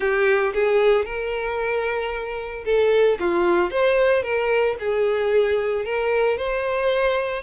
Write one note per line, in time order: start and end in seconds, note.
0.00 0.53 G4
0.53 1.05 G#4
1.05 2.64 A#4
2.65 3.18 A4
3.19 3.70 F4
3.70 4.22 C5
4.22 4.75 A#4
4.79 5.85 G#4
5.85 6.37 A#4
6.37 7.42 C5